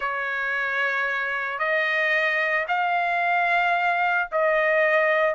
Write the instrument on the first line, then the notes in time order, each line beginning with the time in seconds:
trumpet
0.00 C#5
1.58 D#5
2.68 F5
4.31 D#5